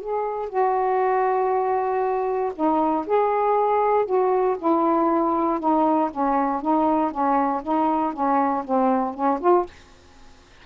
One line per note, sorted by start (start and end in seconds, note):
0.00 0.49 G#4
0.49 2.52 F#4
2.55 3.06 D#4
3.06 4.05 G#4
4.05 4.56 F#4
4.58 5.59 E4
5.59 6.10 D#4
6.10 6.61 C#4
6.61 7.11 D#4
7.11 7.62 C#4
7.62 8.13 D#4
8.13 8.63 C#4
8.64 9.14 C4
9.14 9.39 C#4
9.40 9.65 F4